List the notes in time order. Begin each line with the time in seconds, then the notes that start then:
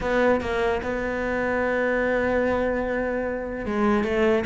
0.01 B3
0.40 A#3
0.83 B3
3.65 G#3
4.04 A3